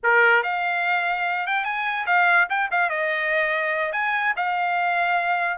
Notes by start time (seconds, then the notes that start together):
0.03 A#4
0.43 F5
1.46 G5
1.64 G#5
2.06 F5
2.49 G5
2.71 F5
2.89 D#5
3.92 G#5
4.36 F5